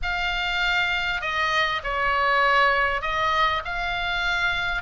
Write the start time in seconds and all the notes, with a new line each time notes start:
0.02 F5
1.21 D#5
1.83 C#5
3.01 D#5
3.64 F5